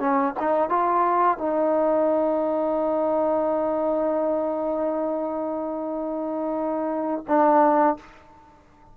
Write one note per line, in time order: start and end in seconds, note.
0.00 0.34 C#4
0.40 0.70 D#4
0.70 1.39 F4
1.39 7.25 D#4
7.28 7.97 D4